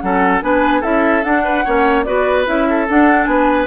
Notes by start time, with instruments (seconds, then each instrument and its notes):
0.00 bassoon F#3, clarinet C#4, oboe A4, flute F#5
0.42 bassoon B3, clarinet D4, oboe B4, flute G#5
0.80 bassoon C#4, clarinet E4, oboe A4, flute E5
1.23 clarinet D4, bassoon D4, flute F#5
1.44 oboe B4
1.65 bassoon A#3, clarinet C#4, oboe C#5
2.04 bassoon B3, clarinet F#4, oboe B4, flute D5
2.46 bassoon C#4, clarinet E4, flute E5
2.69 oboe A4
2.89 clarinet D4, bassoon D4, flute F#5
3.24 bassoon B3, oboe B4, flute G#5